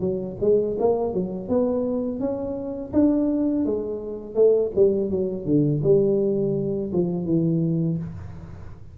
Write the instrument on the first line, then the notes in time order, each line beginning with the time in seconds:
tuba
0.00 F#3
0.40 G#3
0.79 A#3
1.13 F#3
1.49 B3
2.20 C#4
2.93 D4
3.65 G#3
4.35 A3
4.75 G3
5.10 F#3
5.45 D3
5.83 G3
6.92 F3
7.25 E3